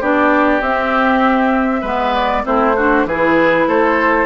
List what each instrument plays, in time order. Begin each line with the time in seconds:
0.00 bassoon B3, clarinet D4, oboe G4, flute D5
0.61 bassoon C4, clarinet C4, flute E5
1.81 bassoon G#3, clarinet B3, oboe B4
2.14 flute D5
2.43 bassoon A3, clarinet C4, oboe E4, flute C5
2.76 clarinet D4, oboe F#4
3.05 bassoon E3, clarinet E4, oboe G#4, flute B4
3.67 bassoon A3, oboe A4, flute C5